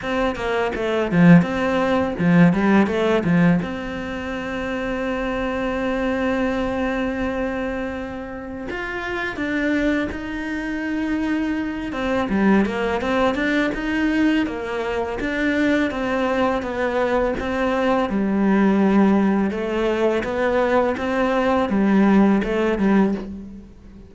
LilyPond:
\new Staff \with { instrumentName = "cello" } { \time 4/4 \tempo 4 = 83 c'8 ais8 a8 f8 c'4 f8 g8 | a8 f8 c'2.~ | c'1 | f'4 d'4 dis'2~ |
dis'8 c'8 g8 ais8 c'8 d'8 dis'4 | ais4 d'4 c'4 b4 | c'4 g2 a4 | b4 c'4 g4 a8 g8 | }